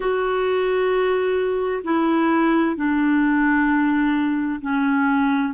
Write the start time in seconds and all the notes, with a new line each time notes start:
0.00 F#4
1.84 E4
2.76 D4
4.61 C#4